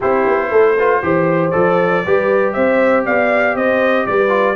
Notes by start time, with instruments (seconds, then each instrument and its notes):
0.00 tuba C4, trombone E4, horn G4, trumpet C5
0.26 tuba B3
0.50 tuba A3, horn A4
0.77 trombone F4, horn B4
1.02 tuba E3, trombone G4, horn C5
1.50 tuba F3, trombone A4, trumpet D5
2.05 tuba G3, trombone G4, horn B4
2.52 tuba C4, horn C5, trumpet E5
3.05 tuba B3, horn D5, trumpet F5
3.55 tuba C4, horn C5, trumpet D#5
4.06 tuba G3, horn B4, trumpet D5
4.28 trombone F4